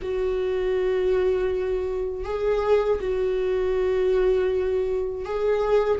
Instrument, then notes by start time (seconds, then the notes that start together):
viola
0.02 F#4
2.24 G#4
3.00 F#4
5.25 G#4